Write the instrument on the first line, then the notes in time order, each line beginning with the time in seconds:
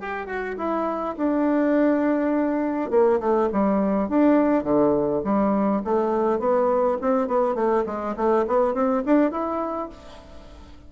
bassoon
0.00 G4
0.26 F#4
0.57 E4
1.17 D4
2.91 A#3
3.20 A3
3.52 G3
4.09 D4
4.64 D3
5.24 G3
5.84 A3
6.39 B3
7.01 C4
7.28 B3
7.55 A3
7.86 G#3
8.16 A3
8.47 B3
8.74 C4
9.06 D4
9.31 E4